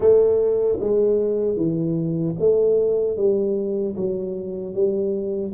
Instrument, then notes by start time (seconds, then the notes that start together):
tuba
0.00 A3
0.79 G#3
1.56 E3
2.39 A3
3.17 G3
3.95 F#3
4.74 G3